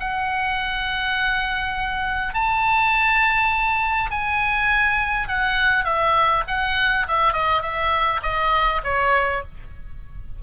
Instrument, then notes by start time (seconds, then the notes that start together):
oboe
0.00 F#5
2.34 A5
4.11 G#5
5.28 F#5
5.84 E5
6.48 F#5
7.08 E5
7.33 D#5
7.62 E5
8.22 D#5
8.84 C#5